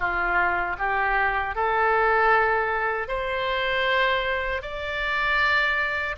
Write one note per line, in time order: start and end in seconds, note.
0.00 0.77 F4
0.79 1.56 G4
1.56 3.09 A4
3.09 4.63 C5
4.63 6.16 D5